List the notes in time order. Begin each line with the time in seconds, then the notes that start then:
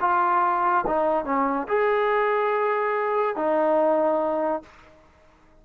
0.00 F4
0.86 D#4
1.25 C#4
1.67 G#4
3.36 D#4